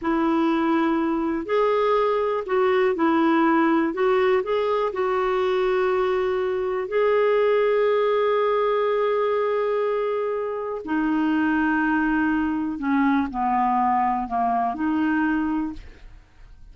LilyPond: \new Staff \with { instrumentName = "clarinet" } { \time 4/4 \tempo 4 = 122 e'2. gis'4~ | gis'4 fis'4 e'2 | fis'4 gis'4 fis'2~ | fis'2 gis'2~ |
gis'1~ | gis'2 dis'2~ | dis'2 cis'4 b4~ | b4 ais4 dis'2 | }